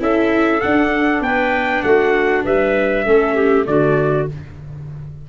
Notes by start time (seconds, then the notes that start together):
0.00 C#4 E4 A4 E5
0.61 D4 F#5
1.21 B3 B4 G5
1.83 A3 F#4 F#5
2.44 G3 B4 E5
3.06 A3 C#4 A4
3.35 G4
3.66 D3 A3 F#4 D5